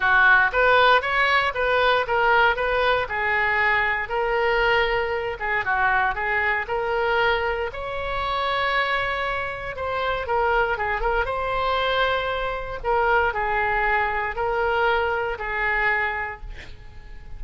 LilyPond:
\new Staff \with { instrumentName = "oboe" } { \time 4/4 \tempo 4 = 117 fis'4 b'4 cis''4 b'4 | ais'4 b'4 gis'2 | ais'2~ ais'8 gis'8 fis'4 | gis'4 ais'2 cis''4~ |
cis''2. c''4 | ais'4 gis'8 ais'8 c''2~ | c''4 ais'4 gis'2 | ais'2 gis'2 | }